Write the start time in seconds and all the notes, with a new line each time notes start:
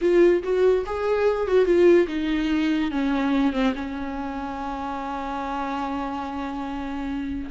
0.01 F4
0.43 F#4
0.86 G#4
1.47 F#4
1.65 F4
2.07 D#4
2.91 C#4
3.52 C4
3.75 C#4